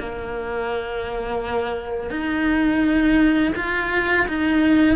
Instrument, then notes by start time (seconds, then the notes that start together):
cello
0.00 A#3
2.11 D#4
3.56 F4
4.28 D#4